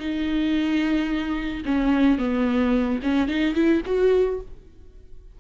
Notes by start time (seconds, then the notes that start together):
0.00 D#4
1.66 C#4
2.19 B3
3.03 C#4
3.28 D#4
3.55 E4
3.86 F#4